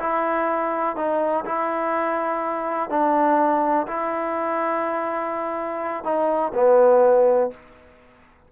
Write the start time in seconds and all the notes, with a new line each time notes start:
0.00 E4
0.97 D#4
1.46 E4
2.90 D4
3.87 E4
6.04 D#4
6.55 B3